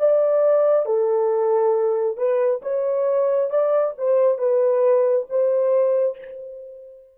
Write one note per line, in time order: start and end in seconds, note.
0.00 0.86 D5
0.86 2.18 A4
2.18 2.62 B4
2.63 3.51 C#5
3.51 3.95 D5
3.98 4.39 C5
4.39 5.27 B4
5.30 6.18 C5